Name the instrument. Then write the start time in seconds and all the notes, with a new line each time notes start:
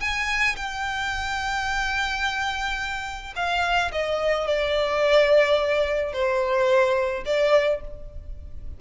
violin
0.00 G#5
0.56 G5
3.36 F5
3.92 D#5
4.47 D5
6.13 C5
7.25 D5